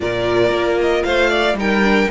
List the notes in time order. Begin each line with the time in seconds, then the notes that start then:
0.00 A#2 F4 A#4 D5
0.50 A#3
0.80 D#5
1.03 A3 C5 F5
1.30 D5
1.54 G3 D#4 A#4 G5
1.82 D4